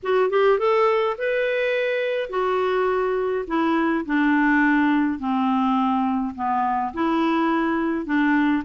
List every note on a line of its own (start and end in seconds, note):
0.03 0.30 F#4
0.30 0.58 G4
0.58 1.16 A4
1.18 2.29 B4
2.29 3.45 F#4
3.47 4.05 E4
4.05 5.19 D4
5.19 6.34 C4
6.35 6.93 B3
6.93 8.05 E4
8.05 8.63 D4